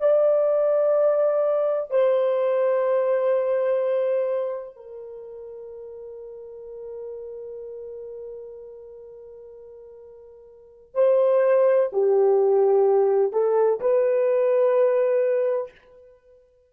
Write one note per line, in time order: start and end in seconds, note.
0.00 1.90 D5
1.90 4.76 C5
4.76 10.94 A#4
10.94 11.90 C5
11.92 13.32 G4
13.32 13.80 A4
13.81 15.71 B4